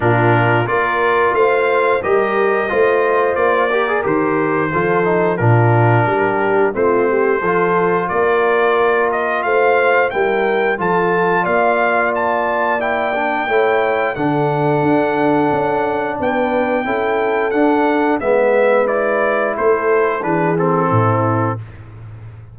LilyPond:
<<
  \new Staff \with { instrumentName = "trumpet" } { \time 4/4 \tempo 4 = 89 ais'4 d''4 f''4 dis''4~ | dis''4 d''4 c''2 | ais'2 c''2 | d''4. dis''8 f''4 g''4 |
a''4 f''4 a''4 g''4~ | g''4 fis''2. | g''2 fis''4 e''4 | d''4 c''4 b'8 a'4. | }
  \new Staff \with { instrumentName = "horn" } { \time 4/4 f'4 ais'4 c''4 ais'4 | c''4. ais'4. a'4 | f'4 g'4 f'8 g'8 a'4 | ais'2 c''4 ais'4 |
a'4 d''2. | cis''4 a'2. | b'4 a'2 b'4~ | b'4 a'4 gis'4 e'4 | }
  \new Staff \with { instrumentName = "trombone" } { \time 4/4 d'4 f'2 g'4 | f'4. g'16 gis'16 g'4 f'8 dis'8 | d'2 c'4 f'4~ | f'2. e'4 |
f'2. e'8 d'8 | e'4 d'2.~ | d'4 e'4 d'4 b4 | e'2 d'8 c'4. | }
  \new Staff \with { instrumentName = "tuba" } { \time 4/4 ais,4 ais4 a4 g4 | a4 ais4 dis4 f4 | ais,4 g4 a4 f4 | ais2 a4 g4 |
f4 ais2. | a4 d4 d'4 cis'4 | b4 cis'4 d'4 gis4~ | gis4 a4 e4 a,4 | }
>>